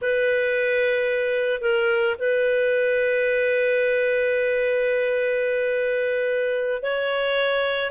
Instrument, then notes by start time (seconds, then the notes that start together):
clarinet
0.01 B4
1.61 A#4
2.18 B4
6.82 C#5